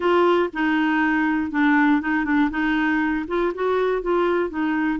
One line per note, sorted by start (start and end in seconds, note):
0.00 0.49 F4
0.53 1.51 D#4
1.51 2.01 D4
2.01 2.25 D#4
2.25 2.50 D4
2.50 3.25 D#4
3.27 3.52 F4
3.54 4.02 F#4
4.02 4.49 F4
4.49 4.99 D#4